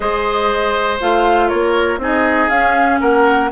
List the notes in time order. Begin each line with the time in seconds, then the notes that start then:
0.00 G#3 G#4 C5 D#5
1.00 A3 F4 F5
1.48 A#3 A#4 C#5
1.97 C4 D#4 G#4
2.04 D#5
2.49 C#4 F5
3.00 A#3 A#4 F#5